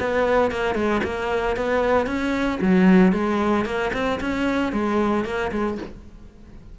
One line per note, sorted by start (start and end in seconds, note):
0.00 0.51 B3
0.51 0.75 A#3
0.75 1.01 G#3
1.04 1.56 A#3
1.56 2.06 B3
2.06 2.59 C#4
2.61 3.12 F#3
3.12 3.65 G#3
3.65 3.91 A#3
3.93 4.20 C4
4.20 4.72 C#4
4.72 5.25 G#3
5.25 5.51 A#3
5.52 5.78 G#3